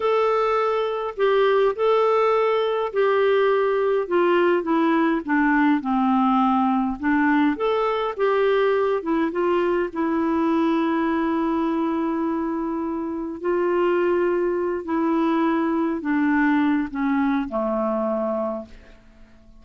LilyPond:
\new Staff \with { instrumentName = "clarinet" } { \time 4/4 \tempo 4 = 103 a'2 g'4 a'4~ | a'4 g'2 f'4 | e'4 d'4 c'2 | d'4 a'4 g'4. e'8 |
f'4 e'2.~ | e'2. f'4~ | f'4. e'2 d'8~ | d'4 cis'4 a2 | }